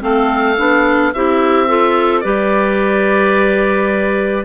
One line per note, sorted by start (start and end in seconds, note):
0.00 0.58 A3
0.00 0.56 C4
0.00 1.13 A4
0.00 1.13 F5
0.57 1.14 B3
0.57 1.12 D4
1.13 2.24 C4
1.13 1.68 E4
1.13 1.67 G4
1.13 2.20 E5
1.67 2.23 F4
1.67 2.23 A4
2.20 4.45 G3
2.20 4.45 G4
2.20 4.45 B4
2.20 4.43 D5